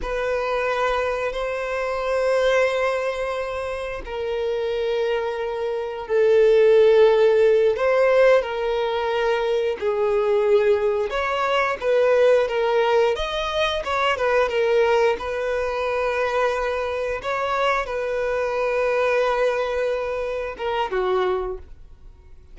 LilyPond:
\new Staff \with { instrumentName = "violin" } { \time 4/4 \tempo 4 = 89 b'2 c''2~ | c''2 ais'2~ | ais'4 a'2~ a'8 c''8~ | c''8 ais'2 gis'4.~ |
gis'8 cis''4 b'4 ais'4 dis''8~ | dis''8 cis''8 b'8 ais'4 b'4.~ | b'4. cis''4 b'4.~ | b'2~ b'8 ais'8 fis'4 | }